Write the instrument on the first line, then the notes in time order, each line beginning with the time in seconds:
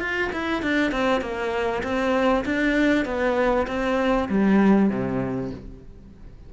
cello
0.00 F4
0.33 E4
0.63 D4
0.92 C4
1.21 A#3
1.83 C4
2.45 D4
3.05 B3
3.67 C4
4.29 G3
4.90 C3